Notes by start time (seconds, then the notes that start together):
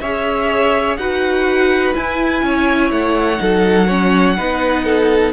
0.00 C#4 G#4 C#5 E5
0.97 D#4 F#4 B4 F#5
1.94 E4 G#5
2.43 C#4 C#5
2.91 A3 F#5
3.38 F#3 D#4 A4
3.87 C#4 C#5
4.38 B3 D#4 B4
4.85 A4